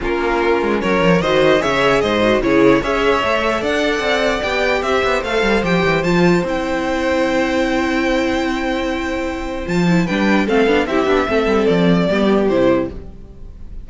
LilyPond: <<
  \new Staff \with { instrumentName = "violin" } { \time 4/4 \tempo 4 = 149 ais'2 cis''4 dis''4 | e''4 dis''4 cis''4 e''4~ | e''4 fis''2 g''4 | e''4 f''4 g''4 a''4 |
g''1~ | g''1 | a''4 g''4 f''4 e''4~ | e''4 d''2 c''4 | }
  \new Staff \with { instrumentName = "violin" } { \time 4/4 f'2 ais'4 c''4 | cis''4 c''4 gis'4 cis''4~ | cis''4 d''2. | c''1~ |
c''1~ | c''1~ | c''4 b'4 a'4 g'4 | a'2 g'2 | }
  \new Staff \with { instrumentName = "viola" } { \time 4/4 cis'2. fis'4 | gis'4. fis'8 e'4 gis'4 | a'2. g'4~ | g'4 a'4 g'4 f'4 |
e'1~ | e'1 | f'8 e'8 d'4 c'8 d'8 e'8 d'8 | c'2 b4 e'4 | }
  \new Staff \with { instrumentName = "cello" } { \time 4/4 ais4. gis8 fis8 f8 dis4 | cis4 gis,4 cis4 cis'4 | a4 d'4 c'4 b4 | c'8 b8 a8 g8 f8 e8 f4 |
c'1~ | c'1 | f4 g4 a8 b8 c'8 b8 | a8 g8 f4 g4 c4 | }
>>